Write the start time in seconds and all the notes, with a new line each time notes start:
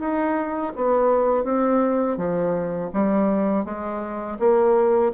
0.00 D#4
0.76 B3
1.45 C4
2.18 F3
2.94 G3
3.66 G#3
4.40 A#3